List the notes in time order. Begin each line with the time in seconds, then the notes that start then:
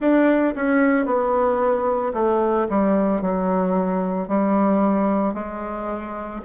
0.00 D4
0.56 C#4
1.05 B3
2.13 A3
2.69 G3
3.21 F#3
4.28 G3
5.34 G#3